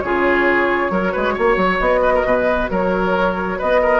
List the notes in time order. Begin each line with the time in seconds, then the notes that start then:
0.00 C#3 F4 G#4 C#5
0.90 F#3 F#4 A#4
1.12 G#3 B4
1.34 A#3 C#5
1.56 F#3
1.79 B3 D#5
2.02 B4
2.15 A#4
2.24 B2 B4
2.70 F#3 A#4 C#5
3.58 B3 B4 D#5
3.82 A#4